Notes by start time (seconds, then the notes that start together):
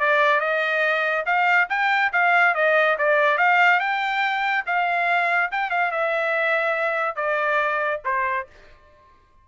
0.00 D5
0.40 D#5
1.26 F5
1.70 G5
2.13 F5
2.55 D#5
2.98 D5
3.38 F5
3.80 G5
4.67 F5
5.52 G5
5.70 F5
5.91 E5
7.16 D5
8.05 C5